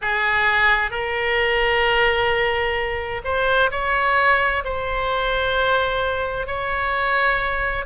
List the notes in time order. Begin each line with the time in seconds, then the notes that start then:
0.01 G#4
0.91 A#4
3.24 C5
3.71 C#5
4.64 C5
6.47 C#5